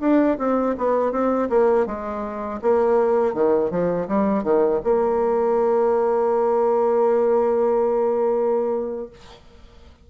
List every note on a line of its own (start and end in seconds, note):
0.00 0.37 D4
0.38 0.75 C4
0.77 1.11 B3
1.11 1.48 C4
1.49 1.86 A#3
1.86 2.60 G#3
2.61 3.33 A#3
3.33 3.70 D#3
3.70 4.07 F3
4.07 4.43 G3
4.43 4.80 D#3
4.83 9.09 A#3